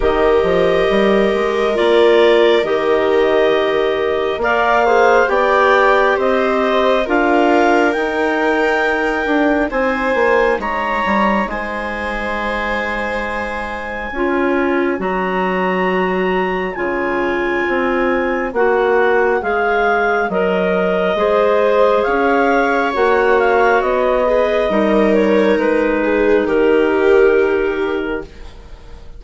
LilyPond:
<<
  \new Staff \with { instrumentName = "clarinet" } { \time 4/4 \tempo 4 = 68 dis''2 d''4 dis''4~ | dis''4 f''4 g''4 dis''4 | f''4 g''2 gis''4 | ais''4 gis''2.~ |
gis''4 ais''2 gis''4~ | gis''4 fis''4 f''4 dis''4~ | dis''4 f''4 fis''8 f''8 dis''4~ | dis''8 cis''8 b'4 ais'2 | }
  \new Staff \with { instrumentName = "viola" } { \time 4/4 ais'1~ | ais'4 d''8 c''8 d''4 c''4 | ais'2. c''4 | cis''4 c''2. |
cis''1~ | cis''1 | c''4 cis''2~ cis''8 b'8 | ais'4. gis'8 g'2 | }
  \new Staff \with { instrumentName = "clarinet" } { \time 4/4 g'2 f'4 g'4~ | g'4 ais'8 gis'8 g'2 | f'4 dis'2.~ | dis'1 |
f'4 fis'2 f'4~ | f'4 fis'4 gis'4 ais'4 | gis'2 fis'4. gis'8 | dis'1 | }
  \new Staff \with { instrumentName = "bassoon" } { \time 4/4 dis8 f8 g8 gis8 ais4 dis4~ | dis4 ais4 b4 c'4 | d'4 dis'4. d'8 c'8 ais8 | gis8 g8 gis2. |
cis'4 fis2 cis4 | c'4 ais4 gis4 fis4 | gis4 cis'4 ais4 b4 | g4 gis4 dis2 | }
>>